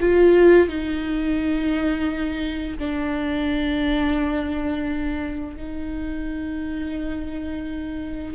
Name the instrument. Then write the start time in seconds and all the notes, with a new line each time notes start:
viola
0.00 F4
0.68 D#4
2.78 D4
5.57 D#4